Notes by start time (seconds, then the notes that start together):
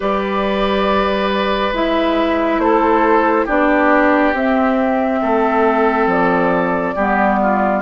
0.00 G3 G4 B4 D5
1.72 G#3 E4 E5
2.58 A3 A4 C5
3.45 B3 D4 G4 D5
4.33 C4 E5
5.21 A3 A4
6.06 F3 D5
6.95 G3 B3 G4
7.41 F4